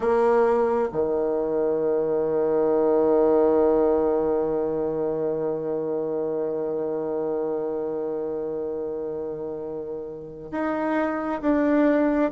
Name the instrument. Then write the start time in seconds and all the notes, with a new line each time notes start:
bassoon
0.00 A#3
0.92 D#3
10.51 D#4
11.41 D4